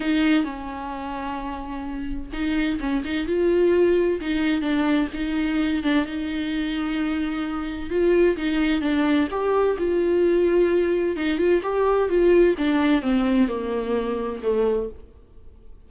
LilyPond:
\new Staff \with { instrumentName = "viola" } { \time 4/4 \tempo 4 = 129 dis'4 cis'2.~ | cis'4 dis'4 cis'8 dis'8 f'4~ | f'4 dis'4 d'4 dis'4~ | dis'8 d'8 dis'2.~ |
dis'4 f'4 dis'4 d'4 | g'4 f'2. | dis'8 f'8 g'4 f'4 d'4 | c'4 ais2 a4 | }